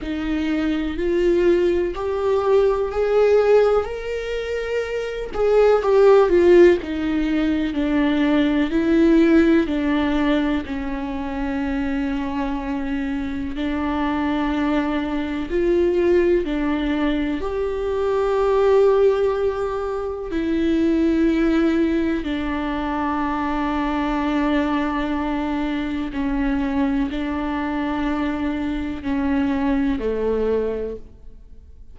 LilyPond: \new Staff \with { instrumentName = "viola" } { \time 4/4 \tempo 4 = 62 dis'4 f'4 g'4 gis'4 | ais'4. gis'8 g'8 f'8 dis'4 | d'4 e'4 d'4 cis'4~ | cis'2 d'2 |
f'4 d'4 g'2~ | g'4 e'2 d'4~ | d'2. cis'4 | d'2 cis'4 a4 | }